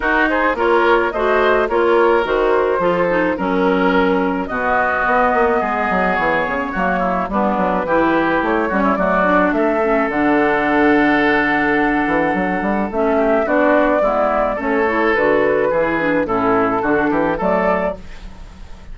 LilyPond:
<<
  \new Staff \with { instrumentName = "flute" } { \time 4/4 \tempo 4 = 107 ais'8 c''8 cis''4 dis''4 cis''4 | c''2 ais'2 | dis''2. cis''4~ | cis''4 b'2 cis''4 |
d''4 e''4 fis''2~ | fis''2. e''4 | d''2 cis''4 b'4~ | b'4 a'2 d''4 | }
  \new Staff \with { instrumentName = "oboe" } { \time 4/4 fis'8 gis'8 ais'4 c''4 ais'4~ | ais'4 a'4 ais'2 | fis'2 gis'2 | fis'8 e'8 d'4 g'4. fis'16 e'16 |
fis'4 a'2.~ | a'2.~ a'8 g'8 | fis'4 e'4 a'2 | gis'4 e'4 fis'8 g'8 a'4 | }
  \new Staff \with { instrumentName = "clarinet" } { \time 4/4 dis'4 f'4 fis'4 f'4 | fis'4 f'8 dis'8 cis'2 | b1 | ais4 b4 e'4. cis'8 |
a8 d'4 cis'8 d'2~ | d'2. cis'4 | d'4 b4 cis'8 e'8 fis'4 | e'8 d'8 cis'4 d'4 a4 | }
  \new Staff \with { instrumentName = "bassoon" } { \time 4/4 dis'4 ais4 a4 ais4 | dis4 f4 fis2 | b,4 b8 ais8 gis8 fis8 e8 cis8 | fis4 g8 fis8 e4 a8 g8 |
fis4 a4 d2~ | d4. e8 fis8 g8 a4 | b4 gis4 a4 d4 | e4 a,4 d8 e8 fis4 | }
>>